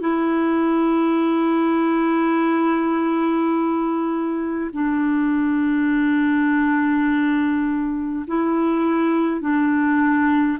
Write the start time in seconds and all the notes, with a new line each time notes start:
0.00 E4
4.73 D4
8.27 E4
9.41 D4